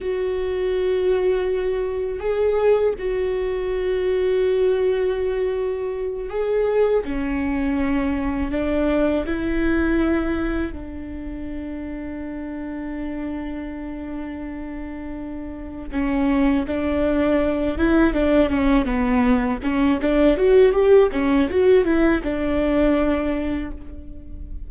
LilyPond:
\new Staff \with { instrumentName = "viola" } { \time 4/4 \tempo 4 = 81 fis'2. gis'4 | fis'1~ | fis'8 gis'4 cis'2 d'8~ | d'8 e'2 d'4.~ |
d'1~ | d'4. cis'4 d'4. | e'8 d'8 cis'8 b4 cis'8 d'8 fis'8 | g'8 cis'8 fis'8 e'8 d'2 | }